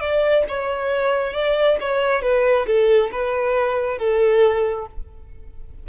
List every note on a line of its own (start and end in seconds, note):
0.00 0.44 D5
0.49 1.33 C#5
1.33 1.77 D5
1.80 2.22 C#5
2.22 2.66 B4
2.66 3.10 A4
3.11 3.98 B4
3.98 4.86 A4